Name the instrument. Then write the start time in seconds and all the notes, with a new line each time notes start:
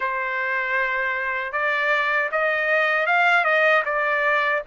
trumpet
0.00 C5
1.52 D5
2.31 D#5
3.06 F5
3.44 D#5
3.85 D5